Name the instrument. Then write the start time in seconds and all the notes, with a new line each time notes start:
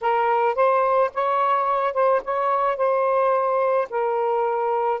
saxophone
0.01 A#4
0.55 C5
1.14 C#5
1.93 C5
2.24 C#5
2.77 C5
3.90 A#4